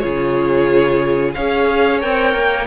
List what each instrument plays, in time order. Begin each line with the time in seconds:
0.00 cello C#3, viola F4, violin G#4 C#5
1.34 cello C#4, viola G#4, violin C#5 F5
2.01 cello C4, viola A#4, violin G5
2.34 cello A#3